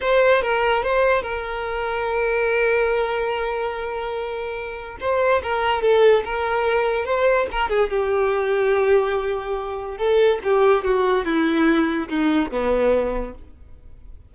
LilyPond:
\new Staff \with { instrumentName = "violin" } { \time 4/4 \tempo 4 = 144 c''4 ais'4 c''4 ais'4~ | ais'1~ | ais'1 | c''4 ais'4 a'4 ais'4~ |
ais'4 c''4 ais'8 gis'8 g'4~ | g'1 | a'4 g'4 fis'4 e'4~ | e'4 dis'4 b2 | }